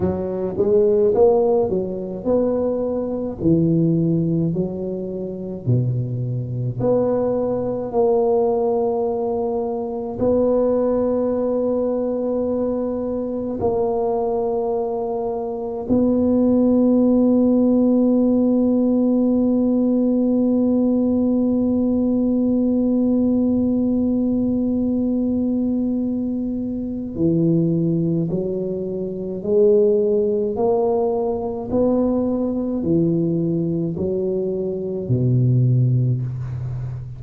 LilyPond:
\new Staff \with { instrumentName = "tuba" } { \time 4/4 \tempo 4 = 53 fis8 gis8 ais8 fis8 b4 e4 | fis4 b,4 b4 ais4~ | ais4 b2. | ais2 b2~ |
b1~ | b1 | e4 fis4 gis4 ais4 | b4 e4 fis4 b,4 | }